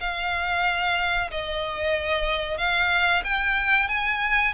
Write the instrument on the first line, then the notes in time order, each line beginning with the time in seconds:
violin
0.00 F5
1.31 D#5
2.58 F5
3.24 G5
3.89 G#5